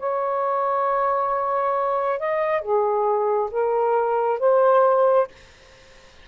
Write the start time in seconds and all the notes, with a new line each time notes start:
0.00 C#5
2.20 D#5
2.62 G#4
3.51 A#4
4.40 C5